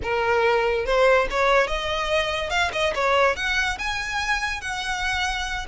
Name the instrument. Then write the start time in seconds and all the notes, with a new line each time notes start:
violin
0.02 A#4
0.85 C5
1.30 C#5
1.67 D#5
2.50 F5
2.72 D#5
2.94 C#5
3.35 F#5
3.78 G#5
4.61 F#5